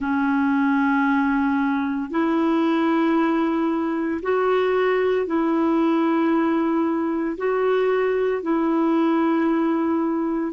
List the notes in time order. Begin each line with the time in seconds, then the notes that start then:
0.00 C#4
2.10 E4
4.22 F#4
5.26 E4
7.37 F#4
8.42 E4